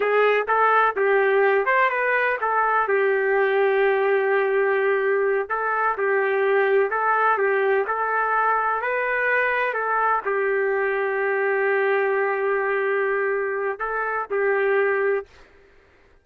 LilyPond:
\new Staff \with { instrumentName = "trumpet" } { \time 4/4 \tempo 4 = 126 gis'4 a'4 g'4. c''8 | b'4 a'4 g'2~ | g'2.~ g'8 a'8~ | a'8 g'2 a'4 g'8~ |
g'8 a'2 b'4.~ | b'8 a'4 g'2~ g'8~ | g'1~ | g'4 a'4 g'2 | }